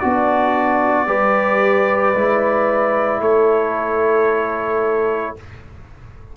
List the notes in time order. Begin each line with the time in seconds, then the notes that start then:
0.00 B3 D4 F#4 D5
1.07 G3 G4 B4
2.14 G#3 E4
3.20 A3 A4 C#5